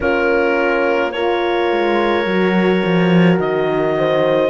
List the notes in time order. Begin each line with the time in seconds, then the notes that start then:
0.00 A#3 C#4 F4 A#4
1.11 F4 A#4 C#5
1.71 G#3
2.25 F#3 F#4
2.84 F3
3.39 D#3 D#5
3.98 C5